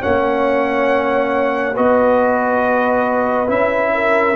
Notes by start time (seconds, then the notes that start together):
0.00 A#3 C#4 C#5 F#5
1.74 B3 F#4 B4 D#5
3.47 C#4 E4 E5
3.94 A#4